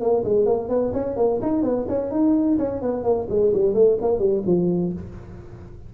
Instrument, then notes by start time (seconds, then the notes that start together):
tuba
0.00 A#3
0.24 G#3
0.45 A#3
0.69 B3
0.93 C#4
1.16 A#3
1.41 D#4
1.63 B3
1.88 C#4
2.11 D#4
2.58 C#4
2.81 B3
3.04 A#3
3.29 G#3
3.53 G3
3.74 A3
4.01 A#3
4.19 G3
4.46 F3